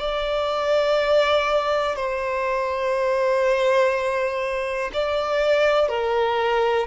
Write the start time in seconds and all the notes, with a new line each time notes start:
0.00 D5
1.96 C5
4.94 D5
5.89 A#4